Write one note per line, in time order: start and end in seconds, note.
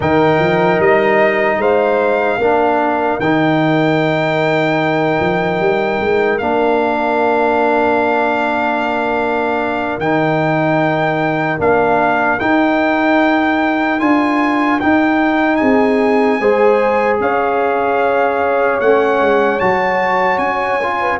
0.00 0.39 D#3
0.00 2.40 D#4
0.00 1.59 A#4
0.00 0.81 G5
0.39 0.79 F3
0.79 1.57 G3
0.79 1.61 D#5
1.57 2.37 G#3
1.57 2.39 C5
1.57 3.20 F5
2.38 3.18 A#3
2.38 3.21 D4
2.38 15.59 A#4
3.19 5.19 D#3
3.19 6.40 D#4
3.19 6.38 G5
5.20 5.60 F3
5.60 6.00 G3
6.00 6.40 G#3
6.38 9.98 A#3
6.38 10.00 D4
6.38 9.98 F5
9.98 11.58 D#3
9.98 11.58 D#4
9.98 11.59 G5
11.58 12.39 A#3
11.58 12.38 D4
11.58 12.39 F5
12.39 13.99 D#4
12.39 14.01 D#4
12.39 13.99 G5
13.99 14.81 D4
13.99 14.79 F4
13.99 14.79 G#5
14.80 16.41 D#4
14.80 15.61 D#4
14.80 15.56 G5
15.56 16.40 C4
15.56 16.39 G#4
15.56 17.16 G#5
16.40 17.20 G#3
16.40 18.81 G#4
16.40 17.20 C5
17.20 18.80 C#4
17.20 21.01 C#5
17.20 18.80 F5
18.80 19.20 A3
18.80 19.60 C#4
18.80 19.59 F#5
19.20 19.60 G#3
19.59 20.38 F#3
19.59 20.80 F#4
19.59 20.38 A5
20.38 21.18 C#4
20.38 21.18 G#5
20.82 21.19 F4
21.01 21.19 B4